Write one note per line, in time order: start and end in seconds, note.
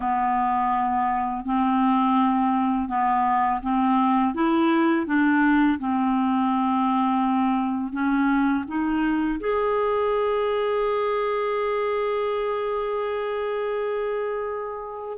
0.00 1.45 B3
1.45 2.88 C4
2.88 3.60 B3
3.62 4.34 C4
4.34 5.06 E4
5.06 5.78 D4
5.79 7.92 C4
7.92 8.64 C#4
8.67 9.39 D#4
9.40 15.18 G#4